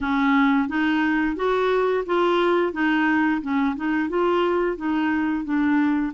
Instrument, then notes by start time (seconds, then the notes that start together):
clarinet
0.01 C#4
0.68 D#4
1.36 F#4
2.06 F4
2.73 D#4
3.41 C#4
3.75 D#4
4.09 F4
4.77 D#4
5.44 D4